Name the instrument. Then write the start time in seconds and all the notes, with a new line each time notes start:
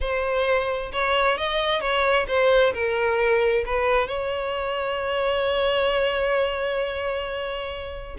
violin
0.00 C5
0.92 C#5
1.37 D#5
1.81 C#5
2.27 C5
2.73 A#4
3.65 B4
4.07 C#5